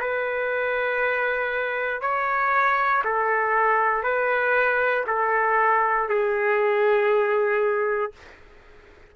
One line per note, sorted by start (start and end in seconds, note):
0.00 2.02 B4
2.02 3.03 C#5
3.05 4.04 A4
4.04 5.05 B4
5.08 6.09 A4
6.09 8.13 G#4